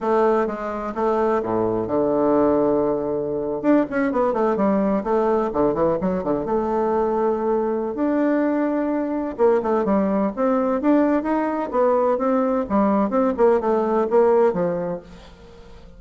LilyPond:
\new Staff \with { instrumentName = "bassoon" } { \time 4/4 \tempo 4 = 128 a4 gis4 a4 a,4 | d2.~ d8. d'16~ | d'16 cis'8 b8 a8 g4 a4 d16~ | d16 e8 fis8 d8 a2~ a16~ |
a4 d'2. | ais8 a8 g4 c'4 d'4 | dis'4 b4 c'4 g4 | c'8 ais8 a4 ais4 f4 | }